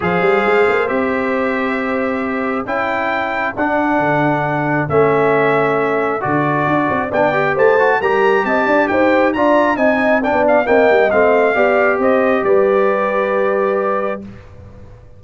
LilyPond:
<<
  \new Staff \with { instrumentName = "trumpet" } { \time 4/4 \tempo 4 = 135 f''2 e''2~ | e''2 g''2 | fis''2. e''4~ | e''2 d''2 |
g''4 a''4 ais''4 a''4 | g''4 ais''4 gis''4 g''8 f''8 | g''4 f''2 dis''4 | d''1 | }
  \new Staff \with { instrumentName = "horn" } { \time 4/4 c''1~ | c''2 a'2~ | a'1~ | a'1 |
d''4 c''4 ais'4 dis''8 d''8 | c''4 d''4 dis''4 d''4 | dis''2 d''4 c''4 | b'1 | }
  \new Staff \with { instrumentName = "trombone" } { \time 4/4 gis'2 g'2~ | g'2 e'2 | d'2. cis'4~ | cis'2 fis'2 |
d'8 g'4 fis'8 g'2~ | g'4 f'4 dis'4 d'4 | ais4 c'4 g'2~ | g'1 | }
  \new Staff \with { instrumentName = "tuba" } { \time 4/4 f8 g8 gis8 ais8 c'2~ | c'2 cis'2 | d'4 d2 a4~ | a2 d4 d'8 c'8 |
b4 a4 g4 c'8 d'8 | dis'4 d'4 c'4~ c'16 b8. | c'8 g8 a4 b4 c'4 | g1 | }
>>